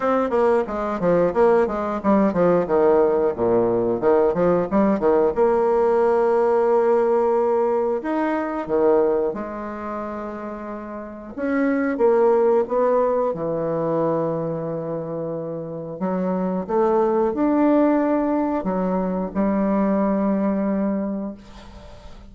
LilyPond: \new Staff \with { instrumentName = "bassoon" } { \time 4/4 \tempo 4 = 90 c'8 ais8 gis8 f8 ais8 gis8 g8 f8 | dis4 ais,4 dis8 f8 g8 dis8 | ais1 | dis'4 dis4 gis2~ |
gis4 cis'4 ais4 b4 | e1 | fis4 a4 d'2 | fis4 g2. | }